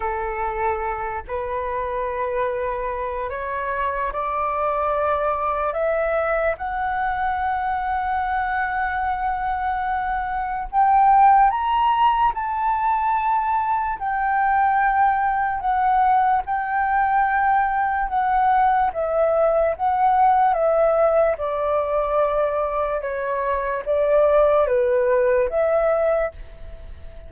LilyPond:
\new Staff \with { instrumentName = "flute" } { \time 4/4 \tempo 4 = 73 a'4. b'2~ b'8 | cis''4 d''2 e''4 | fis''1~ | fis''4 g''4 ais''4 a''4~ |
a''4 g''2 fis''4 | g''2 fis''4 e''4 | fis''4 e''4 d''2 | cis''4 d''4 b'4 e''4 | }